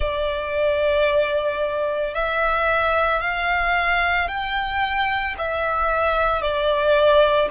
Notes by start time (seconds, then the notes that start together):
0.00 D5
2.14 E5
3.20 F5
4.28 G5
5.38 E5
6.41 D5